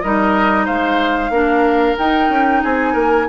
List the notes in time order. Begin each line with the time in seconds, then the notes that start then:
0.00 G3 D#4 A#4 D#5
0.65 G#3 C5 F5
1.29 A#3 D4 A#4
1.98 D#4 G5
2.29 C#4
2.62 C4 G#4 G#5
2.92 A#3 A#4